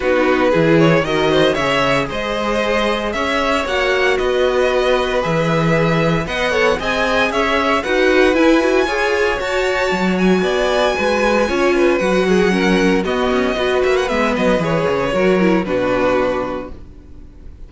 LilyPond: <<
  \new Staff \with { instrumentName = "violin" } { \time 4/4 \tempo 4 = 115 b'4. cis''8 dis''4 e''4 | dis''2 e''4 fis''4 | dis''2 e''2 | fis''4 gis''4 e''4 fis''4 |
gis''2 a''4. gis''8~ | gis''2. fis''4~ | fis''4 dis''4. e''16 fis''16 e''8 dis''8 | cis''2 b'2 | }
  \new Staff \with { instrumentName = "violin" } { \time 4/4 fis'4 gis'4 ais'8 c''8 cis''4 | c''2 cis''2 | b'1 | dis''8 cis''8 dis''4 cis''4 b'4~ |
b'4 cis''2. | d''4 b'4 cis''8 b'4 gis'8 | ais'4 fis'4 b'2~ | b'4 ais'4 fis'2 | }
  \new Staff \with { instrumentName = "viola" } { \time 4/4 dis'4 e'4 fis'4 gis'4~ | gis'2. fis'4~ | fis'2 gis'2 | b'8 a'8 gis'2 fis'4 |
e'8 fis'8 gis'4 fis'2~ | fis'2 f'4 fis'4 | cis'4 b4 fis'4 b4 | gis'4 fis'8 e'8 d'2 | }
  \new Staff \with { instrumentName = "cello" } { \time 4/4 b4 e4 dis4 cis4 | gis2 cis'4 ais4 | b2 e2 | b4 c'4 cis'4 dis'4 |
e'4 f'4 fis'4 fis4 | b4 gis4 cis'4 fis4~ | fis4 b8 cis'8 b8 ais8 gis8 fis8 | e8 cis8 fis4 b,2 | }
>>